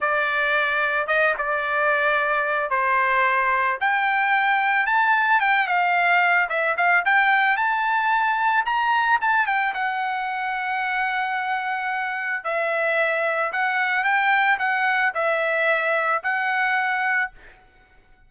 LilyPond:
\new Staff \with { instrumentName = "trumpet" } { \time 4/4 \tempo 4 = 111 d''2 dis''8 d''4.~ | d''4 c''2 g''4~ | g''4 a''4 g''8 f''4. | e''8 f''8 g''4 a''2 |
ais''4 a''8 g''8 fis''2~ | fis''2. e''4~ | e''4 fis''4 g''4 fis''4 | e''2 fis''2 | }